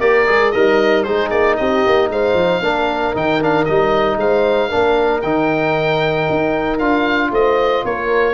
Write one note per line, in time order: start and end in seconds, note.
0.00 0.27 A#3
0.00 0.26 G4
0.00 0.53 A#4
0.00 0.52 D5
0.26 0.54 G#3
0.26 0.52 G#4
0.52 1.08 G3
0.52 1.05 D#4
0.52 1.06 A#4
0.52 1.03 D#5
1.03 1.31 G#3
1.03 2.63 D#4
1.03 1.57 G#4
1.03 1.29 C5
1.30 1.57 A#3
1.30 1.56 D5
1.57 1.86 C4
1.57 2.11 G4
1.57 2.09 D#5
1.86 2.10 A#3
2.10 2.34 G#3
2.10 2.62 C5
2.10 3.16 F5
2.34 2.60 F3
2.62 3.14 A#3
2.62 3.14 D4
2.62 4.18 A#4
3.14 3.67 D#3
3.14 3.41 D#4
3.14 3.43 G5
3.41 3.67 D4
3.41 3.65 F5
3.65 4.16 G3
3.65 4.70 D#4
3.65 4.17 D#5
4.16 4.68 G#3
4.16 4.69 C5
4.16 5.22 F5
4.69 5.23 A#3
4.69 5.22 D4
4.69 7.30 A#4
5.22 6.28 D#3
5.22 6.79 D#4
5.22 6.78 G5
6.30 6.81 D#4
6.78 7.31 D4
6.78 8.34 F4
6.78 7.31 F5
7.31 7.83 A3
7.31 7.85 C5
7.31 7.85 D#5
7.84 8.34 A#3
7.84 8.34 A#4
7.84 8.34 C#5